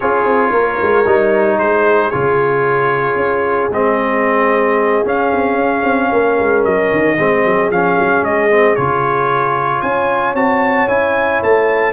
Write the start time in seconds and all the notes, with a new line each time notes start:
0.00 C#4 F4 G#4 C#5
0.25 C4
0.51 A#3 A#4
0.82 G#3
1.05 G3 D#4
1.58 G#3 G#4 C5
2.10 C#3 F4 C#5
3.15 C#4
3.70 G#3 C4 D#5
5.05 C#4 F5
5.32 C4
5.55 C#4
5.83 C4
6.11 A#3 A#4
6.39 G#3
6.64 F#3 D#5
6.92 D#3
7.18 G#3 C4 G#4
7.44 F#3
7.70 F3 C#4 F5
7.98 F#3
8.22 G#3 D#5
8.50 C4
8.75 C#3 F4 C#5
9.81 C#4 C#5 G#5
10.34 C4 F#4 A5
10.87 C#4 E4 G#5
11.42 A3 A5